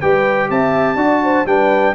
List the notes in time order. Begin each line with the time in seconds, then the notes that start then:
0.00 G3 G4 B4 G5
0.49 C4 E5 A5
0.95 D4 F#4 D5
1.23 C5
1.45 G3 D4 B4 G5